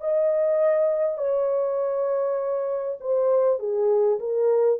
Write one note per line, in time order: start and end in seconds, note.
0.00 1.18 D#5
1.18 2.98 C#5
3.00 3.59 C5
3.59 4.19 G#4
4.19 4.79 A#4